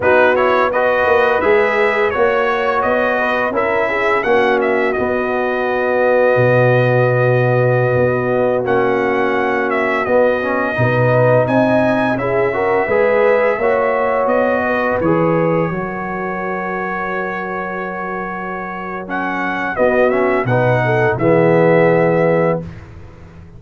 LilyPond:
<<
  \new Staff \with { instrumentName = "trumpet" } { \time 4/4 \tempo 4 = 85 b'8 cis''8 dis''4 e''4 cis''4 | dis''4 e''4 fis''8 e''8 dis''4~ | dis''1~ | dis''16 fis''4. e''8 dis''4.~ dis''16~ |
dis''16 gis''4 e''2~ e''8.~ | e''16 dis''4 cis''2~ cis''8.~ | cis''2. fis''4 | dis''8 e''8 fis''4 e''2 | }
  \new Staff \with { instrumentName = "horn" } { \time 4/4 fis'4 b'2 cis''4~ | cis''8 b'8 ais'8 gis'8 fis'2~ | fis'1~ | fis'2.~ fis'16 b'8.~ |
b'16 dis''4 gis'8 ais'8 b'4 cis''8.~ | cis''8. b'4. ais'4.~ ais'16~ | ais'1 | fis'4 b'8 a'8 gis'2 | }
  \new Staff \with { instrumentName = "trombone" } { \time 4/4 dis'8 e'8 fis'4 gis'4 fis'4~ | fis'4 e'4 cis'4 b4~ | b1~ | b16 cis'2 b8 cis'8 dis'8.~ |
dis'4~ dis'16 e'8 fis'8 gis'4 fis'8.~ | fis'4~ fis'16 gis'4 fis'4.~ fis'16~ | fis'2. cis'4 | b8 cis'8 dis'4 b2 | }
  \new Staff \with { instrumentName = "tuba" } { \time 4/4 b4. ais8 gis4 ais4 | b4 cis'4 ais4 b4~ | b4 b,2~ b,16 b8.~ | b16 ais2 b4 b,8.~ |
b,16 c'4 cis'4 gis4 ais8.~ | ais16 b4 e4 fis4.~ fis16~ | fis1 | b4 b,4 e2 | }
>>